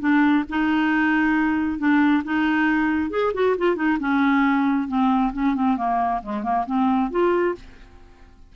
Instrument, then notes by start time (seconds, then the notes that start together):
clarinet
0.00 D4
0.49 D#4
1.79 D4
2.24 D#4
3.10 G#4
3.34 F#4
3.58 F4
3.76 D#4
4.00 C#4
4.88 C4
5.33 C#4
5.55 C4
5.77 A#3
6.23 G#3
6.43 A#3
6.66 C4
7.11 F4